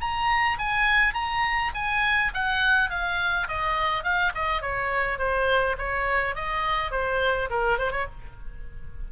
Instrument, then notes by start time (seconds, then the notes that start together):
oboe
0.00 A#5
0.58 G#5
1.14 A#5
1.74 G#5
2.34 F#5
2.90 F5
3.48 D#5
4.03 F5
4.34 D#5
4.61 C#5
5.18 C5
5.78 C#5
6.35 D#5
6.91 C5
7.50 A#4
7.78 C5
7.91 C#5